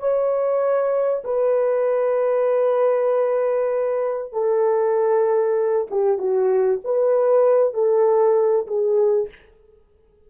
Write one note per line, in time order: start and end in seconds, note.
0.00 1.24 C#5
1.25 4.33 B4
4.33 5.88 A4
5.91 6.19 G4
6.19 6.81 F#4
6.85 7.74 B4
7.74 8.67 A4
8.67 9.29 G#4